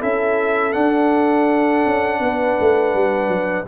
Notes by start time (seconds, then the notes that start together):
0.00 C#4 E4 A4 E5
0.73 D4 F#5
1.86 C#4
2.20 B3 B4
2.60 A3
2.95 G3
3.29 F#3